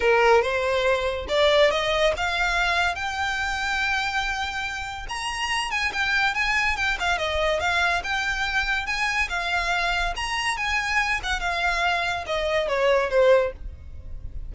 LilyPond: \new Staff \with { instrumentName = "violin" } { \time 4/4 \tempo 4 = 142 ais'4 c''2 d''4 | dis''4 f''2 g''4~ | g''1 | ais''4. gis''8 g''4 gis''4 |
g''8 f''8 dis''4 f''4 g''4~ | g''4 gis''4 f''2 | ais''4 gis''4. fis''8 f''4~ | f''4 dis''4 cis''4 c''4 | }